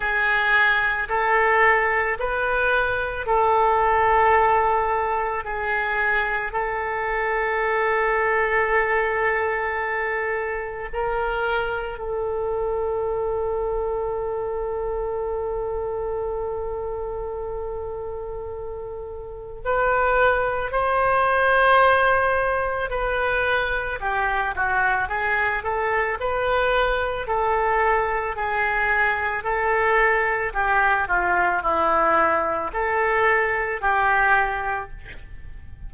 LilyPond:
\new Staff \with { instrumentName = "oboe" } { \time 4/4 \tempo 4 = 55 gis'4 a'4 b'4 a'4~ | a'4 gis'4 a'2~ | a'2 ais'4 a'4~ | a'1~ |
a'2 b'4 c''4~ | c''4 b'4 g'8 fis'8 gis'8 a'8 | b'4 a'4 gis'4 a'4 | g'8 f'8 e'4 a'4 g'4 | }